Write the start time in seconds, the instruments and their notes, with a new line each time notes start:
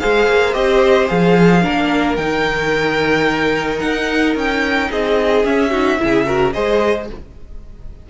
0.00 cello G#3, viola G#4, violin C5 F5
0.28 cello A#3
0.54 cello C4, viola G4, violin D#5
1.08 cello F3, viola G#4, violin F5
1.62 cello A#3, viola D4, violin A#4
2.16 cello D#3, viola D#4, violin G5
3.80 cello D#4, violin F#5
4.36 cello C#4, violin G5
4.91 cello C4, violin G#4 D#5
5.45 viola C#4, cello C#4, violin E5
5.71 viola D#4, violin F#4
6.00 cello C#3, viola E4, violin G#4
6.26 viola F#4, violin A#4
6.53 cello G#3, viola G#4, violin C5 D#5